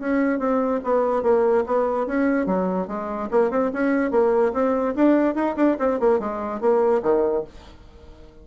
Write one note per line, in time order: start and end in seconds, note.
0.00 0.39 C#4
0.39 0.81 C4
0.84 1.23 B3
1.23 1.64 A#3
1.66 2.07 B3
2.07 2.47 C#4
2.47 2.88 F#3
2.88 3.29 G#3
3.31 3.51 A#3
3.51 3.72 C4
3.74 4.11 C#4
4.11 4.53 A#3
4.53 4.95 C4
4.96 5.35 D4
5.35 5.56 D#4
5.57 5.77 D4
5.79 6.00 C4
6.00 6.20 A#3
6.20 6.61 G#3
6.61 7.02 A#3
7.03 7.44 D#3